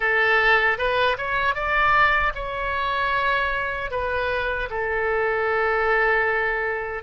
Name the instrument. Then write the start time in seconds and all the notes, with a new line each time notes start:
oboe
0.00 A4
0.78 B4
1.17 C#5
1.54 D5
2.34 C#5
3.91 B4
4.70 A4